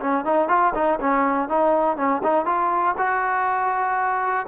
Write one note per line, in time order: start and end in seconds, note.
0.00 0.25 C#4
0.25 0.48 D#4
0.48 0.73 F4
0.74 0.99 D#4
1.00 1.49 C#4
1.49 1.97 D#4
1.97 2.22 C#4
2.23 2.45 D#4
2.45 2.95 F4
2.98 4.47 F#4